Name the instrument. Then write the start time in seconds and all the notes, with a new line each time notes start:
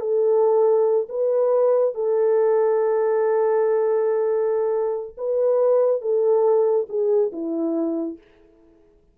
horn
0.00 A4
1.09 B4
1.94 A4
5.17 B4
6.01 A4
6.88 G#4
7.32 E4